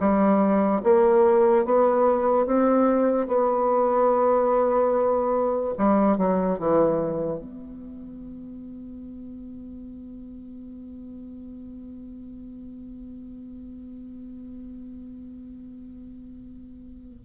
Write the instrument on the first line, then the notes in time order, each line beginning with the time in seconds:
bassoon
0.00 G3
0.84 A#3
1.65 B3
2.47 C4
3.28 B3
5.78 G3
6.18 F#3
6.59 E3
7.40 B3